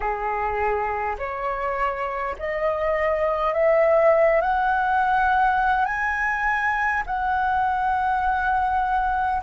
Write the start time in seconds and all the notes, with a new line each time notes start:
0.00 G#4
1.18 C#5
2.39 D#5
3.53 E5
4.41 F#5
5.85 G#5
7.06 F#5